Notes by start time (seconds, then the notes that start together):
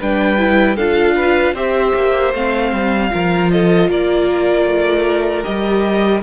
0.00 G3 D4 B4 G5
0.38 E4
0.76 D4 F4 A4 F5
1.16 B4
1.53 C4 G4 C5 E5
1.95 A#3
2.33 A3 C4 F5
2.72 G3
3.10 F3 F4 A#4
3.51 A4 D#5
3.89 A#3 A#4 D5
4.66 A3
5.43 G3 G4 D#5